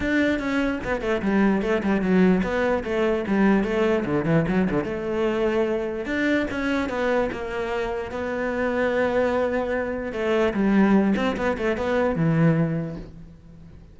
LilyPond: \new Staff \with { instrumentName = "cello" } { \time 4/4 \tempo 4 = 148 d'4 cis'4 b8 a8 g4 | a8 g8 fis4 b4 a4 | g4 a4 d8 e8 fis8 d8 | a2. d'4 |
cis'4 b4 ais2 | b1~ | b4 a4 g4. c'8 | b8 a8 b4 e2 | }